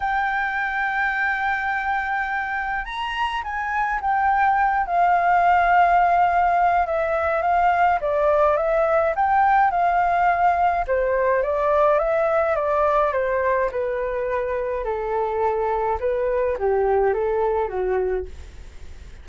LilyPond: \new Staff \with { instrumentName = "flute" } { \time 4/4 \tempo 4 = 105 g''1~ | g''4 ais''4 gis''4 g''4~ | g''8 f''2.~ f''8 | e''4 f''4 d''4 e''4 |
g''4 f''2 c''4 | d''4 e''4 d''4 c''4 | b'2 a'2 | b'4 g'4 a'4 fis'4 | }